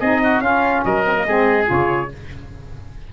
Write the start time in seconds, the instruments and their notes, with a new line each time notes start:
0.00 tuba C4, saxophone D#4, oboe G#4, trumpet D#5
0.24 oboe F#4
0.40 tuba C#4, saxophone C#4, oboe F4, trumpet F5
0.84 tuba F#3, oboe A#4, trumpet D#5
1.05 saxophone C4
1.16 saxophone A#3
1.26 tuba G#3, saxophone C4, oboe G#4
1.66 tuba C#3, saxophone F4, trumpet C#5